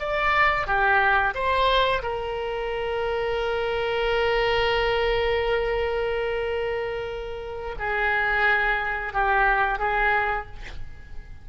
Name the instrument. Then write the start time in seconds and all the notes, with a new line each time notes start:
oboe
0.00 D5
0.67 G4
1.35 C5
2.03 A#4
7.79 G#4
9.13 G4
9.79 G#4